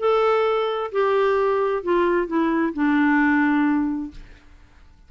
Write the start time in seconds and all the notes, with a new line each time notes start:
0.00 A4
0.92 G4
1.84 F4
2.28 E4
2.74 D4